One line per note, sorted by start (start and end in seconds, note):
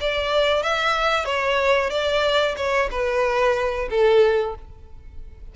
0.00 0.63 D5
0.63 1.25 E5
1.25 1.90 C#5
1.90 2.55 D5
2.56 2.89 C#5
2.91 3.89 B4
3.90 4.55 A4